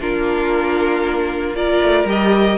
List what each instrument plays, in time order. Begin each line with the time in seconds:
0.00 cello A#3, viola D4, violin F4 A#4
1.55 viola F4, violin A#4 D5
1.81 cello A3
2.05 cello G3, viola G4, violin D#5